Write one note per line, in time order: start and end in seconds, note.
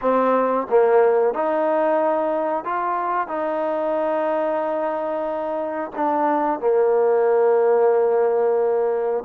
0.01 0.67 C4
0.69 1.34 A#3
1.34 2.64 D#4
2.64 3.27 F4
3.27 5.91 D#4
5.95 6.60 D4
6.60 9.23 A#3